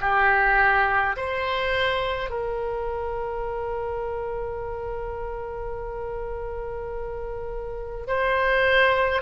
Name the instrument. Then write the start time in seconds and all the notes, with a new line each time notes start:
oboe
0.00 G4
1.16 C5
2.30 A#4
8.07 C5